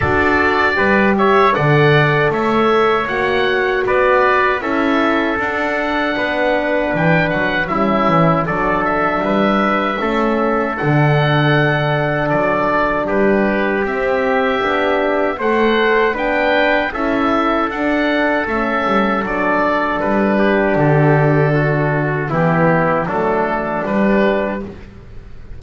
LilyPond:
<<
  \new Staff \with { instrumentName = "oboe" } { \time 4/4 \tempo 4 = 78 d''4. e''8 fis''4 e''4 | fis''4 d''4 e''4 fis''4~ | fis''4 g''8 fis''8 e''4 d''8 e''8~ | e''2 fis''2 |
d''4 b'4 e''2 | fis''4 g''4 e''4 fis''4 | e''4 d''4 b'4 a'4~ | a'4 g'4 a'4 b'4 | }
  \new Staff \with { instrumentName = "trumpet" } { \time 4/4 a'4 b'8 cis''8 d''4 cis''4~ | cis''4 b'4 a'2 | b'2 e'4 a'4 | b'4 a'2.~ |
a'4 g'2. | c''4 b'4 a'2~ | a'2~ a'8 g'4. | fis'4 e'4 d'2 | }
  \new Staff \with { instrumentName = "horn" } { \time 4/4 fis'4 g'4 a'2 | fis'2 e'4 d'4~ | d'2 cis'4 d'4~ | d'4 cis'4 d'2~ |
d'2 c'4 d'4 | a'4 d'4 e'4 d'4 | cis'4 d'2.~ | d'4 b4 a4 g4 | }
  \new Staff \with { instrumentName = "double bass" } { \time 4/4 d'4 g4 d4 a4 | ais4 b4 cis'4 d'4 | b4 e8 fis8 g8 e8 fis4 | g4 a4 d2 |
fis4 g4 c'4 b4 | a4 b4 cis'4 d'4 | a8 g8 fis4 g4 d4~ | d4 e4 fis4 g4 | }
>>